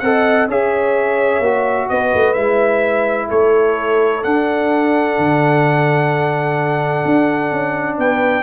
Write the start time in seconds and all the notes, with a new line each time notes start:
0.00 C4 A4 D#5 F#5
0.48 C#4 G#4 C#5 E5
1.40 A#3 F#4
1.89 B3 B4 D#5
2.14 A3
2.33 G#3 E4 E5
3.28 A3 A4 C#5
4.23 D4 F#5
5.18 D3
7.05 D4
7.52 C#4
7.98 B3 B4 G5